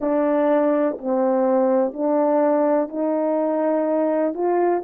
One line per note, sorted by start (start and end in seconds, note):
0.00 0.97 D4
0.98 1.93 C4
1.93 2.88 D4
2.88 4.33 D#4
4.34 4.82 F4